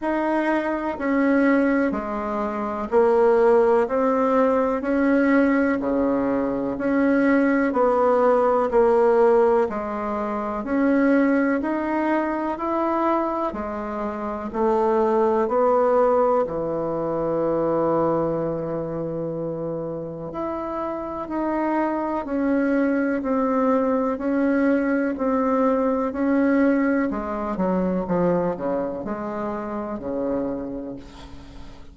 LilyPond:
\new Staff \with { instrumentName = "bassoon" } { \time 4/4 \tempo 4 = 62 dis'4 cis'4 gis4 ais4 | c'4 cis'4 cis4 cis'4 | b4 ais4 gis4 cis'4 | dis'4 e'4 gis4 a4 |
b4 e2.~ | e4 e'4 dis'4 cis'4 | c'4 cis'4 c'4 cis'4 | gis8 fis8 f8 cis8 gis4 cis4 | }